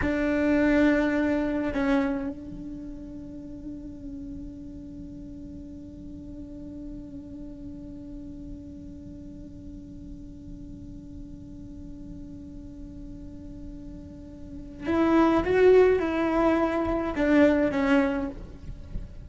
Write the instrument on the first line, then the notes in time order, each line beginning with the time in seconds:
cello
0.01 D4
1.74 C#4
2.29 D4
14.86 E4
15.44 F#4
15.99 E4
17.15 D4
17.71 C#4